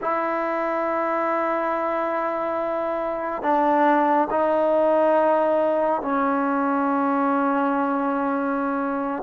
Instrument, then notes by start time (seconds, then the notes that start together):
trombone
0.01 E4
3.42 D4
4.30 D#4
6.01 C#4